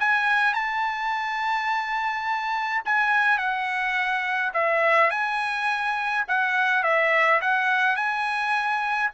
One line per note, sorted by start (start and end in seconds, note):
0.00 0.54 G#5
0.54 2.83 A5
2.86 3.38 G#5
3.38 4.53 F#5
4.54 5.11 E5
5.11 6.25 G#5
6.28 6.84 F#5
6.84 7.41 E5
7.42 7.96 F#5
7.96 9.11 G#5